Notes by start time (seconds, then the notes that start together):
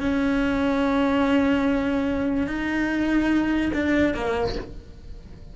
0.00 C#4
2.47 D#4
3.73 D4
4.14 A#3